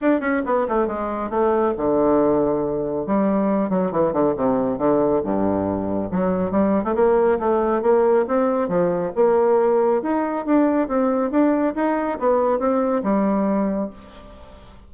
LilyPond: \new Staff \with { instrumentName = "bassoon" } { \time 4/4 \tempo 4 = 138 d'8 cis'8 b8 a8 gis4 a4 | d2. g4~ | g8 fis8 e8 d8 c4 d4 | g,2 fis4 g8. a16 |
ais4 a4 ais4 c'4 | f4 ais2 dis'4 | d'4 c'4 d'4 dis'4 | b4 c'4 g2 | }